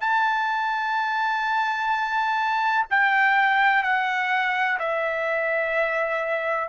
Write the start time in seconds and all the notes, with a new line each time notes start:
0.00 A5
2.90 G5
3.83 F#5
4.79 E5